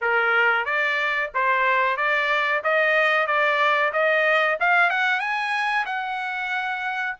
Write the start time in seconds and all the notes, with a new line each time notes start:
0.01 A#4
0.65 D5
1.34 C5
1.96 D5
2.63 D#5
3.26 D5
3.92 D#5
4.60 F5
4.90 F#5
5.19 G#5
5.85 F#5